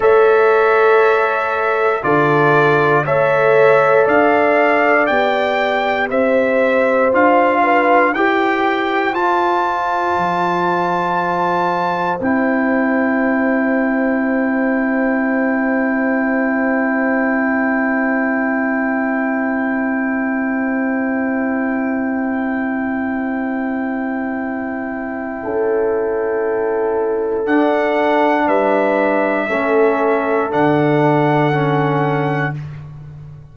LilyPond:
<<
  \new Staff \with { instrumentName = "trumpet" } { \time 4/4 \tempo 4 = 59 e''2 d''4 e''4 | f''4 g''4 e''4 f''4 | g''4 a''2. | g''1~ |
g''1~ | g''1~ | g''2. fis''4 | e''2 fis''2 | }
  \new Staff \with { instrumentName = "horn" } { \time 4/4 cis''2 a'4 cis''4 | d''2 c''4. b'8 | c''1~ | c''1~ |
c''1~ | c''1~ | c''4 a'2. | b'4 a'2. | }
  \new Staff \with { instrumentName = "trombone" } { \time 4/4 a'2 f'4 a'4~ | a'4 g'2 f'4 | g'4 f'2. | e'1~ |
e'1~ | e'1~ | e'2. d'4~ | d'4 cis'4 d'4 cis'4 | }
  \new Staff \with { instrumentName = "tuba" } { \time 4/4 a2 d4 a4 | d'4 b4 c'4 d'4 | e'4 f'4 f2 | c'1~ |
c'1~ | c'1~ | c'4 cis'2 d'4 | g4 a4 d2 | }
>>